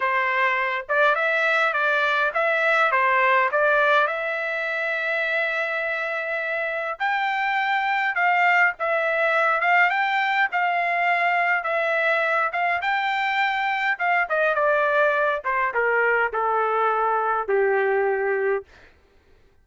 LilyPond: \new Staff \with { instrumentName = "trumpet" } { \time 4/4 \tempo 4 = 103 c''4. d''8 e''4 d''4 | e''4 c''4 d''4 e''4~ | e''1 | g''2 f''4 e''4~ |
e''8 f''8 g''4 f''2 | e''4. f''8 g''2 | f''8 dis''8 d''4. c''8 ais'4 | a'2 g'2 | }